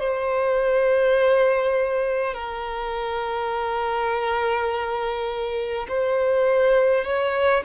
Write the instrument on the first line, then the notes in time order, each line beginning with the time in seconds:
violin
0.00 C5
2.34 A#4
5.89 C5
7.05 C#5